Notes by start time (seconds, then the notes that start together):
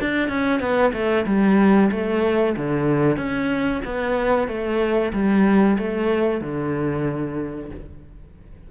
0.00 D4
0.28 C#4
0.60 B3
0.93 A3
1.26 G3
1.91 A3
2.56 D3
3.16 C#4
3.84 B3
4.47 A3
5.13 G3
5.78 A3
6.40 D3